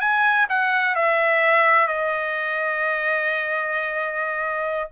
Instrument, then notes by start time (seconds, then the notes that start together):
trumpet
0.00 G#5
0.49 F#5
0.95 E5
1.87 D#5